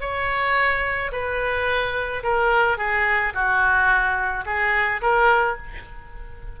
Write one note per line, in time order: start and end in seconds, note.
0.00 1.11 C#5
1.11 2.22 B4
2.23 2.77 A#4
2.77 3.33 G#4
3.34 4.45 F#4
4.45 5.01 G#4
5.01 5.57 A#4